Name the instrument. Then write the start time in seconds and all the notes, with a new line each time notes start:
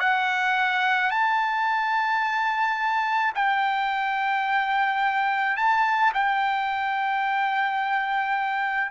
trumpet
0.00 F#5
1.11 A5
3.35 G5
5.57 A5
6.14 G5